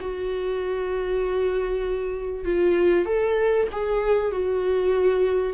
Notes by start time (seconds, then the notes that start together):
0.00 F#4
2.45 F4
3.05 A4
3.71 G#4
4.31 F#4